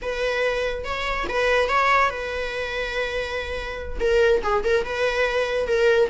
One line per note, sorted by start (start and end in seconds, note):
0.02 0.84 B4
0.84 1.26 C#5
1.28 1.68 B4
1.68 2.10 C#5
2.10 3.98 B4
4.00 4.42 A#4
4.42 4.63 G#4
4.64 4.85 A#4
4.85 5.67 B4
5.67 6.09 A#4